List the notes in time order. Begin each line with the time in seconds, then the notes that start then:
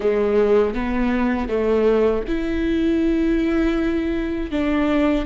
0.00 G#3
0.74 B3
1.48 A3
2.27 E4
4.50 D4